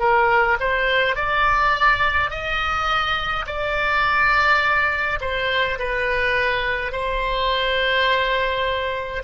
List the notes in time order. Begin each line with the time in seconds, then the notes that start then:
0.00 A#4
0.61 C5
1.16 D5
2.31 D#5
3.47 D5
5.21 C5
5.80 B4
6.93 C5